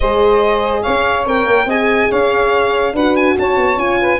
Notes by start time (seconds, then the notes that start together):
0.00 G#3 G#4 C5 D#5
0.82 C#4 C#5 F5
1.26 C4 A#4 G5
1.45 A#3
1.65 C4 G#4 D#5 G#5
2.09 C#4 C#5 F5
2.93 D4 F#4 B4 F#5
3.16 G#5
3.38 C#4 C#5 A5
3.56 B3
3.76 C#4 F4 G#5
4.00 B4